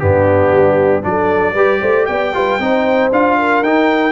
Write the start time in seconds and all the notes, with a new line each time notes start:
0.00 G2 B3 D4 G4
0.51 G3
1.02 F#3 D4 D5
1.09 A4
1.54 G3 G4 B4
1.81 A3 C5
2.06 B3 D5 G5
2.34 G3 F4 B4
2.59 C4 D#4 C5
3.12 D4 F4 F5
3.38 A#4
3.62 D#4 G5